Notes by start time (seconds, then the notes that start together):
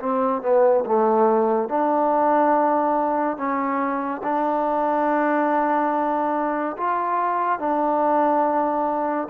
0.00 C4
0.43 B3
0.86 A3
1.69 D4
3.38 C#4
4.23 D4
6.78 F4
7.59 D4